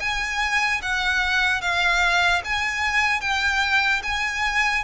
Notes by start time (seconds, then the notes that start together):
0.00 G#5
0.82 F#5
1.61 F5
2.44 G#5
3.21 G5
4.02 G#5